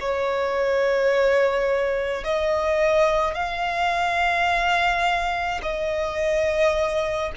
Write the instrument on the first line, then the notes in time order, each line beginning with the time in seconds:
violin
0.00 C#5
2.24 D#5
3.34 F5
5.62 D#5